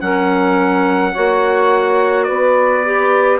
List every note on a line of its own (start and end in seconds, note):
0.00 1.15 F#3
0.00 1.13 C#4
0.00 1.12 A#4
0.00 2.24 F#5
1.12 2.29 A#3
1.12 2.84 F#4
1.12 2.25 C#5
2.24 3.39 B3
2.24 3.39 B4
2.24 3.37 D5
2.85 3.39 G4